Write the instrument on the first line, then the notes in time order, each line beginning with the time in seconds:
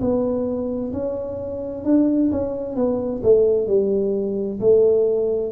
tuba
0.00 B3
0.93 C#4
1.84 D4
2.31 C#4
2.75 B3
3.23 A3
3.67 G3
4.60 A3